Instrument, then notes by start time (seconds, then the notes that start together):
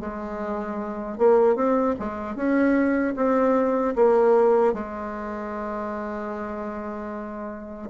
bassoon
0.00 G#3
1.18 A#3
1.56 C4
1.99 G#3
2.36 C#4
3.16 C4
3.96 A#3
4.74 G#3